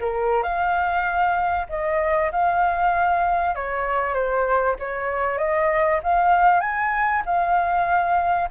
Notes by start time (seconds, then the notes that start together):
0.00 A#4
0.42 F5
1.69 D#5
2.31 F5
3.55 C#5
4.14 C5
4.79 C#5
5.38 D#5
6.03 F5
6.60 G#5
7.25 F5